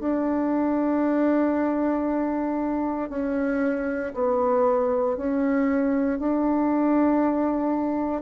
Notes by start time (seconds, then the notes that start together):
0.00 D4
3.10 C#4
4.14 B3
5.17 C#4
6.19 D4